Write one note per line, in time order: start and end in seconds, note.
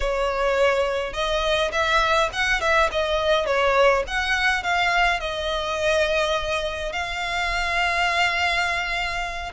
0.00 1.13 C#5
1.13 1.71 D#5
1.72 2.29 E5
2.32 2.60 F#5
2.60 2.89 E5
2.91 3.46 D#5
3.46 4.03 C#5
4.07 4.63 F#5
4.63 5.19 F5
5.19 6.92 D#5
6.92 9.52 F5